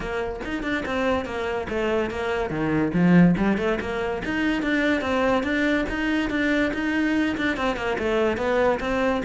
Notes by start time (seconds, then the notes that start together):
0.00 A#3
0.44 D#4
0.63 D4
0.85 C4
1.25 A#3
1.69 A3
2.10 A#3
2.50 D#3
2.93 F3
3.37 G3
3.57 A3
3.80 A#3
4.25 D#4
4.62 D4
5.01 C4
5.43 D4
5.89 D#4
6.30 D4
6.73 D#4
7.37 D4
7.56 C4
7.76 A#3
7.98 A3
8.37 B3
8.80 C4